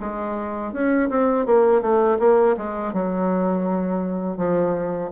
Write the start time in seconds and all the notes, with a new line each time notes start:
0.00 G#3
0.73 C#4
1.09 C4
1.46 A#3
1.82 A3
2.20 A#3
2.57 G#3
2.93 F#3
4.37 F3